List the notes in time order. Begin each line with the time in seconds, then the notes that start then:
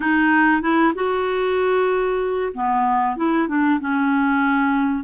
0.00 D#4
0.61 E4
0.94 F#4
2.53 B3
3.16 E4
3.47 D4
3.80 C#4